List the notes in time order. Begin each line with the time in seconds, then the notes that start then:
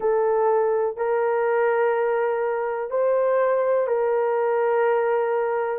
0.00 A4
0.96 A#4
2.90 C5
3.87 A#4